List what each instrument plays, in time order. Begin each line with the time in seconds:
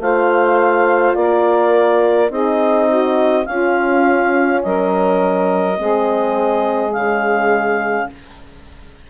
0.00 bassoon A3, horn F4, saxophone C5, clarinet F5
1.15 bassoon A#3, saxophone A#4, clarinet D5
2.29 bassoon C4, horn D#4, saxophone G#4, clarinet D#5
2.88 saxophone F#4
3.46 horn C#4, bassoon C#4, saxophone F4, clarinet F5
4.63 bassoon F#3, saxophone A#4, clarinet D#5
5.78 bassoon G#3, horn C4, saxophone G#4
6.92 bassoon C#3, horn G#3, clarinet F5